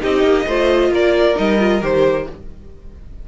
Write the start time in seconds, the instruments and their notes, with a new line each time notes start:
0.00 cello C4, viola D#4, violin G4 D#5
0.23 cello A#3
0.46 cello A3, viola F4, violin C5
0.90 cello A#3, violin A#4 D5
1.35 cello G3, viola D#4, violin D#5
1.59 viola F4
1.81 cello D#3, viola G4, violin C5